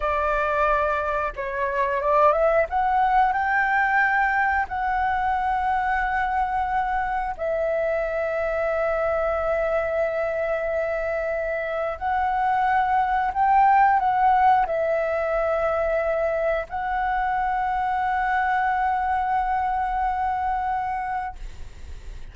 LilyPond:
\new Staff \with { instrumentName = "flute" } { \time 4/4 \tempo 4 = 90 d''2 cis''4 d''8 e''8 | fis''4 g''2 fis''4~ | fis''2. e''4~ | e''1~ |
e''2 fis''2 | g''4 fis''4 e''2~ | e''4 fis''2.~ | fis''1 | }